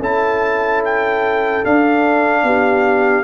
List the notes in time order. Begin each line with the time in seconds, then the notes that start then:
0.00 C#4 E4 A4 A5
0.85 G5
1.64 D4 F5
2.44 B3 G4